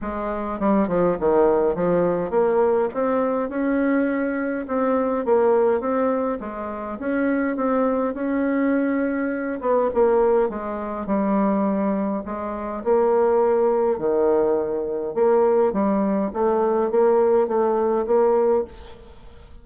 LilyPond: \new Staff \with { instrumentName = "bassoon" } { \time 4/4 \tempo 4 = 103 gis4 g8 f8 dis4 f4 | ais4 c'4 cis'2 | c'4 ais4 c'4 gis4 | cis'4 c'4 cis'2~ |
cis'8 b8 ais4 gis4 g4~ | g4 gis4 ais2 | dis2 ais4 g4 | a4 ais4 a4 ais4 | }